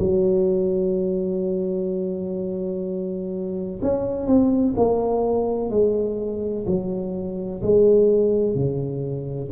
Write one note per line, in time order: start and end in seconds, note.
0.00 3.81 F#3
3.83 4.27 C#4
4.27 4.74 C4
4.77 5.71 A#3
5.71 6.66 G#3
6.67 7.62 F#3
7.63 8.55 G#3
8.55 9.51 C#3